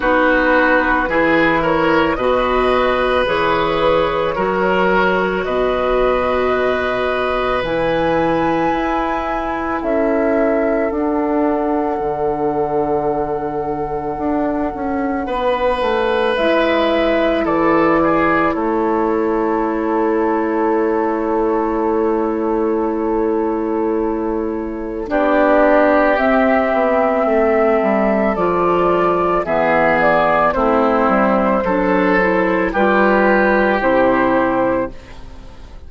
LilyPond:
<<
  \new Staff \with { instrumentName = "flute" } { \time 4/4 \tempo 4 = 55 b'4. cis''8 dis''4 cis''4~ | cis''4 dis''2 gis''4~ | gis''4 e''4 fis''2~ | fis''2. e''4 |
d''4 cis''2.~ | cis''2. d''4 | e''2 d''4 e''8 d''8 | c''2 b'4 c''4 | }
  \new Staff \with { instrumentName = "oboe" } { \time 4/4 fis'4 gis'8 ais'8 b'2 | ais'4 b'2.~ | b'4 a'2.~ | a'2 b'2 |
a'8 gis'8 a'2.~ | a'2. g'4~ | g'4 a'2 gis'4 | e'4 a'4 g'2 | }
  \new Staff \with { instrumentName = "clarinet" } { \time 4/4 dis'4 e'4 fis'4 gis'4 | fis'2. e'4~ | e'2 d'2~ | d'2. e'4~ |
e'1~ | e'2. d'4 | c'2 f'4 b4 | c'4 d'8 e'8 f'4 e'4 | }
  \new Staff \with { instrumentName = "bassoon" } { \time 4/4 b4 e4 b,4 e4 | fis4 b,2 e4 | e'4 cis'4 d'4 d4~ | d4 d'8 cis'8 b8 a8 gis4 |
e4 a2.~ | a2. b4 | c'8 b8 a8 g8 f4 e4 | a8 g8 fis4 g4 c4 | }
>>